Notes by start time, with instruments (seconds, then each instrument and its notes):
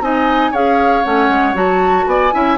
0.00 bassoon C4, clarinet D#4, oboe D#5, flute G#5
0.51 bassoon C#4, clarinet G#4, oboe C#5, flute F5
1.04 bassoon A3, clarinet C#4, flute F#5
1.29 bassoon G#3
1.54 bassoon F#3, clarinet F#4, flute A5
2.06 bassoon B3, oboe D5, flute G#5
2.32 bassoon C#4, clarinet E4, oboe E5